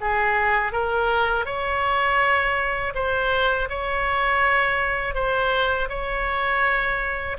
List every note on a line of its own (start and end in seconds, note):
0.00 0.72 G#4
0.72 1.45 A#4
1.45 2.93 C#5
2.94 3.68 C5
3.69 5.14 C#5
5.14 5.88 C5
5.89 7.37 C#5